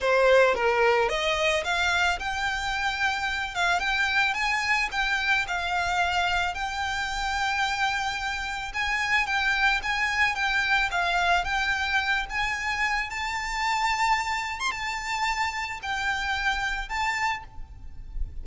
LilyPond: \new Staff \with { instrumentName = "violin" } { \time 4/4 \tempo 4 = 110 c''4 ais'4 dis''4 f''4 | g''2~ g''8 f''8 g''4 | gis''4 g''4 f''2 | g''1 |
gis''4 g''4 gis''4 g''4 | f''4 g''4. gis''4. | a''2~ a''8. c'''16 a''4~ | a''4 g''2 a''4 | }